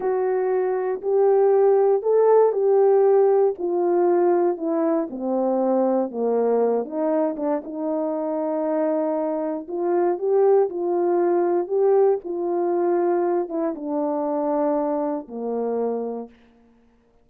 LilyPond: \new Staff \with { instrumentName = "horn" } { \time 4/4 \tempo 4 = 118 fis'2 g'2 | a'4 g'2 f'4~ | f'4 e'4 c'2 | ais4. dis'4 d'8 dis'4~ |
dis'2. f'4 | g'4 f'2 g'4 | f'2~ f'8 e'8 d'4~ | d'2 ais2 | }